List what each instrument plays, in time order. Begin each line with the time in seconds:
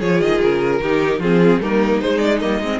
0.00 cello F3, viola F4, violin G#4 C#5
0.21 cello D#3, violin D#5
0.42 cello C#3, violin A#4
0.81 cello D#3, viola D#4, violin G4
1.19 cello F3, viola C4, violin F4 G#4
1.60 cello G3, viola A#3, violin D#4 A#4
2.01 viola G#3, cello G#3, violin C5
2.18 violin D5
2.40 cello G3, viola A#3, violin D#5
2.60 cello G#3, viola C4